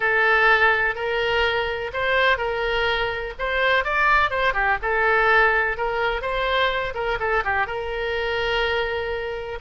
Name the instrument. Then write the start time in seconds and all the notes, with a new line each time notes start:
oboe
0.00 A4
0.95 A#4
1.93 C5
2.37 A#4
3.38 C5
3.84 D5
4.30 C5
4.53 G4
4.82 A4
5.77 A#4
6.21 C5
6.94 A#4
7.19 A4
7.44 G4
7.66 A#4